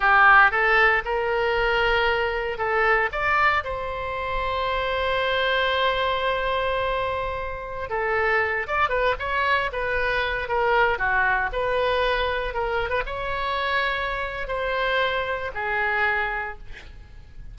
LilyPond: \new Staff \with { instrumentName = "oboe" } { \time 4/4 \tempo 4 = 116 g'4 a'4 ais'2~ | ais'4 a'4 d''4 c''4~ | c''1~ | c''2.~ c''16 a'8.~ |
a'8. d''8 b'8 cis''4 b'4~ b'16~ | b'16 ais'4 fis'4 b'4.~ b'16~ | b'16 ais'8. b'16 cis''2~ cis''8. | c''2 gis'2 | }